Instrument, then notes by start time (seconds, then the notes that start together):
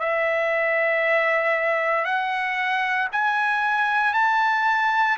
trumpet
0.00 E5
2.05 F#5
3.13 G#5
4.14 A5